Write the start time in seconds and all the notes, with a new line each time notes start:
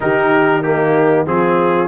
0.00 D#3 D#4 G4 A#4
0.62 A#3 D#4 G4
1.25 F3 C4 F4 G#4